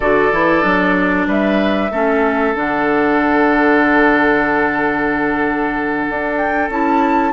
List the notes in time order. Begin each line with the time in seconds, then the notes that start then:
0.00 D3 F#4 A4 D5
0.32 E3 E4
0.62 F#3 D4
1.27 G3 B4 E5
1.90 A3 C#4 A4
2.54 D3 D4 F#5
6.09 D4
6.37 G5
6.69 C#4 E4 A5